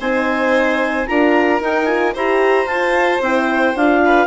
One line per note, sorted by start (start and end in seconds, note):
0.00 1.07 C4
0.00 1.07 D#4
0.00 1.07 C5
0.00 1.07 G#5
1.07 1.61 D4
1.07 1.60 F4
1.07 2.14 A#4
1.07 1.61 A#5
1.60 1.87 D#4
1.60 2.14 D#4
1.60 1.86 G5
1.86 2.14 F4
1.86 2.13 G#5
2.14 2.66 E4
2.14 2.67 G4
2.14 4.01 C5
2.14 2.67 A#5
2.66 3.19 F4
2.66 3.20 F4
2.66 3.21 A5
3.21 3.75 C4
3.21 3.76 E4
3.21 3.76 G5
3.75 4.27 D4
3.75 4.27 F4
3.75 4.27 F5
4.05 4.27 B4